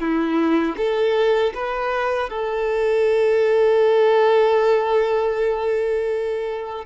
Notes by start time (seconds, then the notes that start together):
0.00 E4
0.78 A4
1.55 B4
2.30 A4